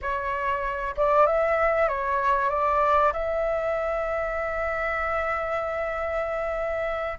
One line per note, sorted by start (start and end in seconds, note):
0.01 0.95 C#5
0.96 1.26 D5
1.26 1.88 E5
1.88 2.49 C#5
2.49 3.12 D5
3.12 7.18 E5